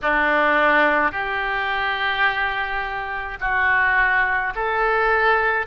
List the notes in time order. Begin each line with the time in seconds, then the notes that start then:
0.02 D4
1.11 G4
3.40 F#4
4.55 A4